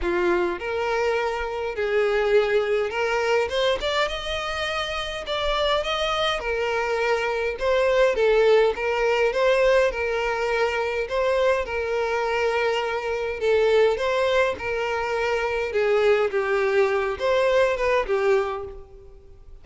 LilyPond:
\new Staff \with { instrumentName = "violin" } { \time 4/4 \tempo 4 = 103 f'4 ais'2 gis'4~ | gis'4 ais'4 c''8 d''8 dis''4~ | dis''4 d''4 dis''4 ais'4~ | ais'4 c''4 a'4 ais'4 |
c''4 ais'2 c''4 | ais'2. a'4 | c''4 ais'2 gis'4 | g'4. c''4 b'8 g'4 | }